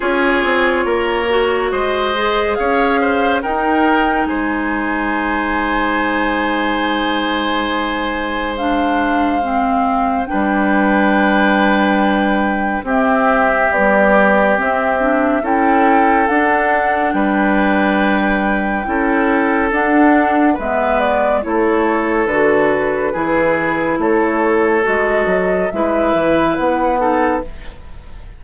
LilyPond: <<
  \new Staff \with { instrumentName = "flute" } { \time 4/4 \tempo 4 = 70 cis''2 dis''4 f''4 | g''4 gis''2.~ | gis''2 f''2 | g''2. e''4 |
d''4 e''4 g''4 fis''4 | g''2. fis''4 | e''8 d''8 cis''4 b'2 | cis''4 dis''4 e''4 fis''4 | }
  \new Staff \with { instrumentName = "oboe" } { \time 4/4 gis'4 ais'4 c''4 cis''8 c''8 | ais'4 c''2.~ | c''1 | b'2. g'4~ |
g'2 a'2 | b'2 a'2 | b'4 a'2 gis'4 | a'2 b'4. a'8 | }
  \new Staff \with { instrumentName = "clarinet" } { \time 4/4 f'4. fis'4 gis'4. | dis'1~ | dis'2 d'4 c'4 | d'2. c'4 |
g4 c'8 d'8 e'4 d'4~ | d'2 e'4 d'4 | b4 e'4 fis'4 e'4~ | e'4 fis'4 e'4. dis'8 | }
  \new Staff \with { instrumentName = "bassoon" } { \time 4/4 cis'8 c'8 ais4 gis4 cis'4 | dis'4 gis2.~ | gis1 | g2. c'4 |
b4 c'4 cis'4 d'4 | g2 cis'4 d'4 | gis4 a4 d4 e4 | a4 gis8 fis8 gis8 e8 b4 | }
>>